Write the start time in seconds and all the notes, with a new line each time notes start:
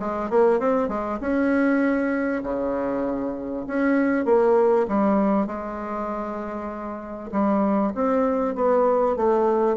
0.00 G#3
0.30 A#3
0.60 C4
0.89 G#3
1.21 C#4
2.44 C#3
3.68 C#4
4.26 A#3
4.88 G3
5.47 G#3
7.32 G3
7.95 C4
8.56 B3
9.17 A3